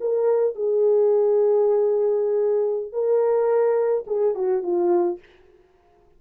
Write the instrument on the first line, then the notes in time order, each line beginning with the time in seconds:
horn
0.00 A#4
0.55 G#4
2.92 A#4
4.07 G#4
4.35 F#4
4.63 F4